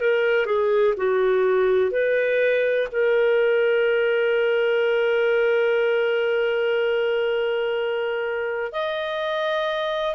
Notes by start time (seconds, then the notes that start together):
0.00 A#4
0.45 G#4
0.97 F#4
1.90 B4
2.91 A#4
8.72 D#5